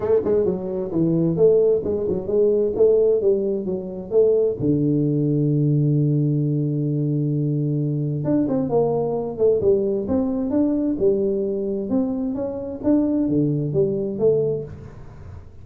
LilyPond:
\new Staff \with { instrumentName = "tuba" } { \time 4/4 \tempo 4 = 131 a8 gis8 fis4 e4 a4 | gis8 fis8 gis4 a4 g4 | fis4 a4 d2~ | d1~ |
d2 d'8 c'8 ais4~ | ais8 a8 g4 c'4 d'4 | g2 c'4 cis'4 | d'4 d4 g4 a4 | }